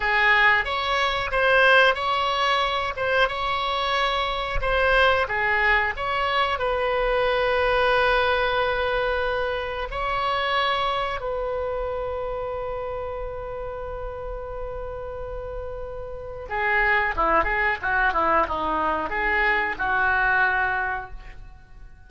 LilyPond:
\new Staff \with { instrumentName = "oboe" } { \time 4/4 \tempo 4 = 91 gis'4 cis''4 c''4 cis''4~ | cis''8 c''8 cis''2 c''4 | gis'4 cis''4 b'2~ | b'2. cis''4~ |
cis''4 b'2.~ | b'1~ | b'4 gis'4 e'8 gis'8 fis'8 e'8 | dis'4 gis'4 fis'2 | }